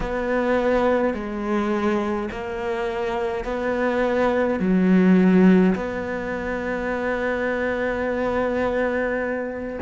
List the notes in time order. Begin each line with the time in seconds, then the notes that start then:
0.00 B3
1.13 G#3
2.31 A#3
3.44 B3
4.59 F#3
5.75 B3